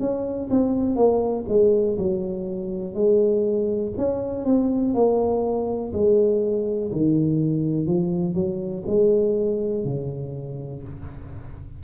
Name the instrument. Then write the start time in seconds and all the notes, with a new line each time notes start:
tuba
0.00 C#4
0.51 C4
0.96 A#3
1.48 G#3
1.99 F#3
2.94 G#3
3.97 C#4
4.45 C4
4.94 A#3
5.94 G#3
6.92 D#3
7.87 F3
8.35 F#3
8.87 G#3
9.85 C#3